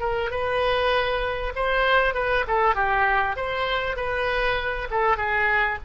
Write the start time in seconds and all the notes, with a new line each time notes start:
0.00 A#4
0.31 B4
1.55 C5
2.14 B4
2.47 A4
2.75 G4
3.36 C5
3.96 B4
4.91 A4
5.17 G#4